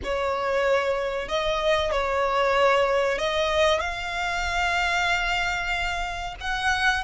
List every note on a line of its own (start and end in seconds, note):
0.03 1.28 C#5
1.28 1.91 D#5
1.91 3.18 C#5
3.18 3.79 D#5
3.79 6.35 F5
6.40 7.04 F#5